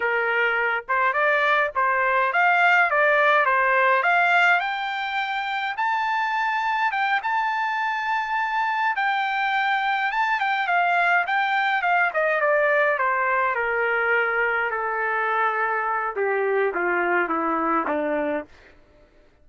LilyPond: \new Staff \with { instrumentName = "trumpet" } { \time 4/4 \tempo 4 = 104 ais'4. c''8 d''4 c''4 | f''4 d''4 c''4 f''4 | g''2 a''2 | g''8 a''2. g''8~ |
g''4. a''8 g''8 f''4 g''8~ | g''8 f''8 dis''8 d''4 c''4 ais'8~ | ais'4. a'2~ a'8 | g'4 f'4 e'4 d'4 | }